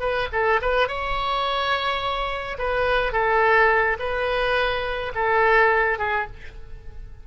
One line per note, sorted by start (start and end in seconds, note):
0.00 0.28 B4
0.32 0.61 A4
0.62 0.88 B4
0.88 2.58 C#5
2.59 3.13 B4
3.13 3.98 A4
4.00 5.13 B4
5.15 5.99 A4
5.99 6.27 G#4